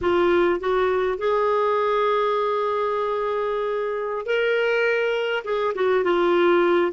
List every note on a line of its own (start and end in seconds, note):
0.01 0.60 F4
0.60 1.18 F#4
1.18 4.25 G#4
4.25 5.43 A#4
5.44 5.73 G#4
5.74 6.03 F#4
6.03 6.92 F4